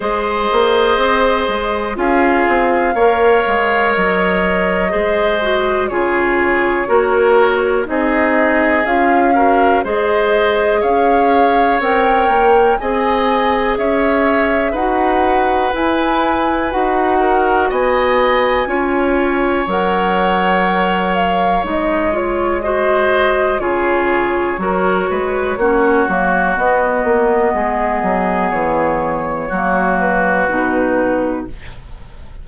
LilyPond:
<<
  \new Staff \with { instrumentName = "flute" } { \time 4/4 \tempo 4 = 61 dis''2 f''2 | dis''2 cis''2 | dis''4 f''4 dis''4 f''4 | g''4 gis''4 e''4 fis''4 |
gis''4 fis''4 gis''2 | fis''4. f''8 dis''8 cis''8 dis''4 | cis''2. dis''4~ | dis''4 cis''4. b'4. | }
  \new Staff \with { instrumentName = "oboe" } { \time 4/4 c''2 gis'4 cis''4~ | cis''4 c''4 gis'4 ais'4 | gis'4. ais'8 c''4 cis''4~ | cis''4 dis''4 cis''4 b'4~ |
b'4. ais'8 dis''4 cis''4~ | cis''2. c''4 | gis'4 ais'8 b'8 fis'2 | gis'2 fis'2 | }
  \new Staff \with { instrumentName = "clarinet" } { \time 4/4 gis'2 f'4 ais'4~ | ais'4 gis'8 fis'8 f'4 fis'4 | dis'4 f'8 fis'8 gis'2 | ais'4 gis'2 fis'4 |
e'4 fis'2 f'4 | ais'2 dis'8 f'8 fis'4 | f'4 fis'4 cis'8 ais8 b4~ | b2 ais4 dis'4 | }
  \new Staff \with { instrumentName = "bassoon" } { \time 4/4 gis8 ais8 c'8 gis8 cis'8 c'8 ais8 gis8 | fis4 gis4 cis4 ais4 | c'4 cis'4 gis4 cis'4 | c'8 ais8 c'4 cis'4 dis'4 |
e'4 dis'4 b4 cis'4 | fis2 gis2 | cis4 fis8 gis8 ais8 fis8 b8 ais8 | gis8 fis8 e4 fis4 b,4 | }
>>